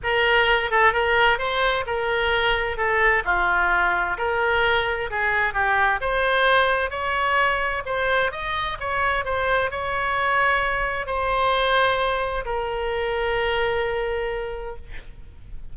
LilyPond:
\new Staff \with { instrumentName = "oboe" } { \time 4/4 \tempo 4 = 130 ais'4. a'8 ais'4 c''4 | ais'2 a'4 f'4~ | f'4 ais'2 gis'4 | g'4 c''2 cis''4~ |
cis''4 c''4 dis''4 cis''4 | c''4 cis''2. | c''2. ais'4~ | ais'1 | }